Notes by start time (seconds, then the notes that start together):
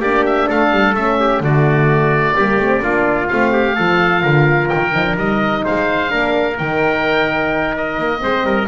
0.00 A#3 D4 G4 D5
0.26 E5
0.48 A3 A4 F5
0.72 G3
0.94 A3 C#4 E5
1.20 G4
1.41 D3 A3 F#4 D5
2.36 G3 A#3 G4
2.58 A3 C4
2.81 A#3 D4 F4
3.28 A3 C4 F5
3.53 G4
3.76 F3 F4 A4
4.22 D3 A#4
4.69 D#3 G5
4.93 F3 D#4
5.06 D4
5.16 G3 D#4 D#5
5.64 G#3 C5 F5
6.09 A#3 D4 A#4
6.58 D#3 D#4 G5
7.78 D#5
7.99 A#3
8.19 G#3 C4 C5
8.43 G3 A#4